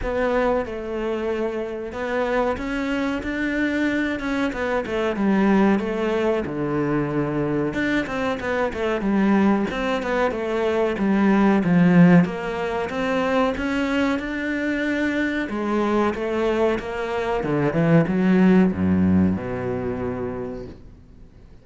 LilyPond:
\new Staff \with { instrumentName = "cello" } { \time 4/4 \tempo 4 = 93 b4 a2 b4 | cis'4 d'4. cis'8 b8 a8 | g4 a4 d2 | d'8 c'8 b8 a8 g4 c'8 b8 |
a4 g4 f4 ais4 | c'4 cis'4 d'2 | gis4 a4 ais4 d8 e8 | fis4 fis,4 b,2 | }